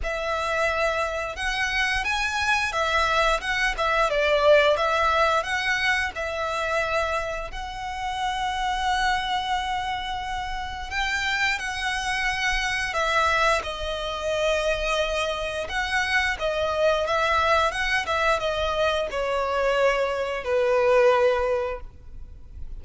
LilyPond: \new Staff \with { instrumentName = "violin" } { \time 4/4 \tempo 4 = 88 e''2 fis''4 gis''4 | e''4 fis''8 e''8 d''4 e''4 | fis''4 e''2 fis''4~ | fis''1 |
g''4 fis''2 e''4 | dis''2. fis''4 | dis''4 e''4 fis''8 e''8 dis''4 | cis''2 b'2 | }